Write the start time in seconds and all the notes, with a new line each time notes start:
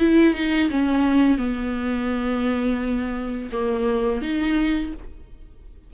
0.00 E4
0.35 D#4
0.70 C#4
1.38 B3
3.52 A#3
4.22 D#4